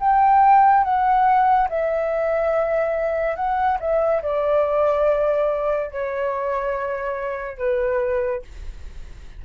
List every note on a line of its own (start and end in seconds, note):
0.00 0.84 G5
0.84 1.69 F#5
1.69 3.36 E5
3.36 3.78 F#5
3.80 4.22 E5
4.23 5.91 D5
5.91 7.58 C#5
7.58 8.42 B4